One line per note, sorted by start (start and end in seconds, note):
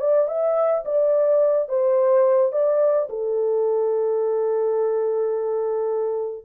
0.00 0.28 D5
0.28 0.84 E5
0.85 1.69 D5
1.69 2.52 C5
2.52 3.08 D5
3.09 6.45 A4